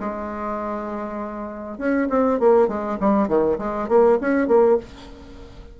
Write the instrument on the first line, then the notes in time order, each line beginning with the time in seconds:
bassoon
0.00 G#3
1.78 C#4
2.09 C4
2.39 A#3
2.68 G#3
3.00 G3
3.28 D#3
3.58 G#3
3.88 A#3
4.21 C#4
4.48 A#3